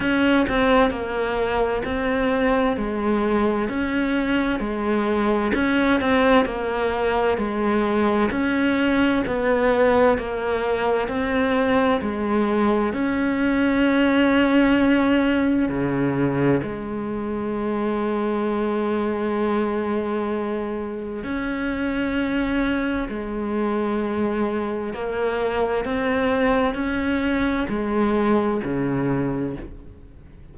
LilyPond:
\new Staff \with { instrumentName = "cello" } { \time 4/4 \tempo 4 = 65 cis'8 c'8 ais4 c'4 gis4 | cis'4 gis4 cis'8 c'8 ais4 | gis4 cis'4 b4 ais4 | c'4 gis4 cis'2~ |
cis'4 cis4 gis2~ | gis2. cis'4~ | cis'4 gis2 ais4 | c'4 cis'4 gis4 cis4 | }